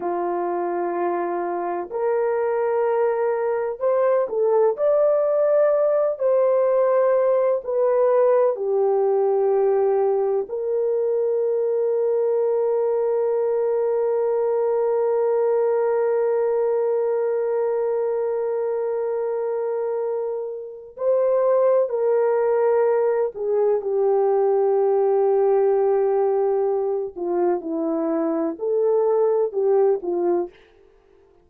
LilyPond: \new Staff \with { instrumentName = "horn" } { \time 4/4 \tempo 4 = 63 f'2 ais'2 | c''8 a'8 d''4. c''4. | b'4 g'2 ais'4~ | ais'1~ |
ais'1~ | ais'2 c''4 ais'4~ | ais'8 gis'8 g'2.~ | g'8 f'8 e'4 a'4 g'8 f'8 | }